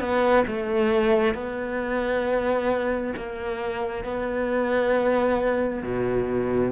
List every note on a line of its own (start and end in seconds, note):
0.00 0.45 B3
0.47 1.34 A3
1.34 3.13 B3
3.17 4.04 A#3
4.04 5.83 B3
5.83 6.72 B2